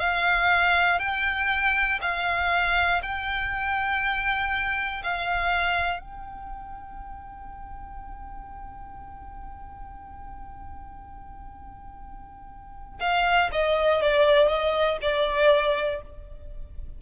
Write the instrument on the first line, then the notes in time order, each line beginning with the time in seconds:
violin
0.00 F5
1.00 G5
2.01 F5
3.03 G5
5.03 F5
6.00 G5
13.00 F5
13.52 D#5
14.02 D5
14.48 D#5
15.01 D5